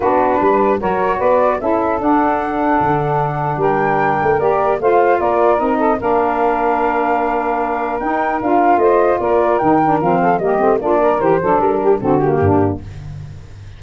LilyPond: <<
  \new Staff \with { instrumentName = "flute" } { \time 4/4 \tempo 4 = 150 b'2 cis''4 d''4 | e''4 fis''2.~ | fis''4 g''2 d''4 | f''4 d''4 dis''4 f''4~ |
f''1 | g''4 f''4 dis''4 d''4 | g''4 f''4 dis''4 d''4 | c''4 ais'4 a'8 g'4. | }
  \new Staff \with { instrumentName = "saxophone" } { \time 4/4 fis'4 b'4 ais'4 b'4 | a'1~ | a'4 ais'2. | c''4 ais'4. a'8 ais'4~ |
ais'1~ | ais'2 c''4 ais'4~ | ais'4. a'8 g'4 f'8 ais'8~ | ais'8 a'4 g'8 fis'4 d'4 | }
  \new Staff \with { instrumentName = "saxophone" } { \time 4/4 d'2 fis'2 | e'4 d'2.~ | d'2. g'4 | f'2 dis'4 d'4~ |
d'1 | dis'4 f'2. | dis'8 d'8 c'4 ais8 c'8 d'4 | g'8 d'4. c'8 ais4. | }
  \new Staff \with { instrumentName = "tuba" } { \time 4/4 b4 g4 fis4 b4 | cis'4 d'2 d4~ | d4 g4. a8 ais4 | a4 ais4 c'4 ais4~ |
ais1 | dis'4 d'4 a4 ais4 | dis4 f4 g8 a8 ais4 | e8 fis8 g4 d4 g,4 | }
>>